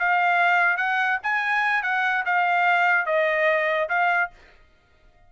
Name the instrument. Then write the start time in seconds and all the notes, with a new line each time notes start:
trumpet
0.00 F5
0.77 F#5
1.23 G#5
1.83 F#5
2.26 F5
3.06 D#5
3.90 F5